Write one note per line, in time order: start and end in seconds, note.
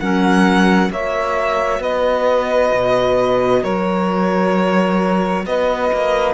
0.00 0.90 F#3
0.00 0.90 C#4
0.00 0.90 A#4
0.00 0.91 F#5
0.90 1.79 A#3
0.90 6.34 F#4
0.90 1.80 C#5
0.90 1.82 E5
1.79 2.70 B3
1.79 3.62 B4
1.79 3.64 D#5
2.73 3.64 B2
3.62 5.45 F#3
3.62 5.43 A#4
3.62 5.45 C#5
5.45 5.91 B3
5.45 6.34 B4
5.45 6.34 D#5
5.93 6.34 A#3